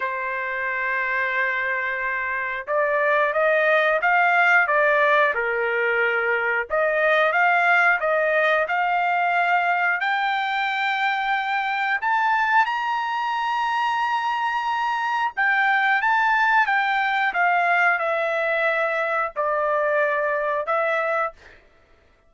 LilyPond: \new Staff \with { instrumentName = "trumpet" } { \time 4/4 \tempo 4 = 90 c''1 | d''4 dis''4 f''4 d''4 | ais'2 dis''4 f''4 | dis''4 f''2 g''4~ |
g''2 a''4 ais''4~ | ais''2. g''4 | a''4 g''4 f''4 e''4~ | e''4 d''2 e''4 | }